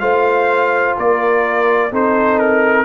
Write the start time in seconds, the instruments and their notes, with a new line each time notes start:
0.00 tuba A3, trombone F4, horn C5, trumpet F5
0.97 tuba A#3, horn A#4, trumpet D5
1.91 tuba C4, trombone D#4, horn A4, trumpet C5
2.39 trumpet A#4